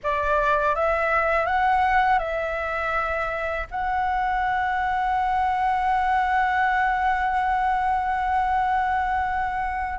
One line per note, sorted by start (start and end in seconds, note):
0.03 0.75 D5
0.75 1.46 E5
1.46 2.18 F#5
2.18 3.66 E5
3.70 9.99 F#5